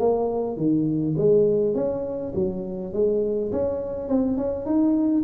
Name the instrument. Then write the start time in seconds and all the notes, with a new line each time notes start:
tuba
0.00 A#3
0.57 D#3
1.18 G#3
1.75 C#4
2.35 F#3
2.94 G#3
3.52 C#4
4.09 C4
4.37 C#4
4.66 D#4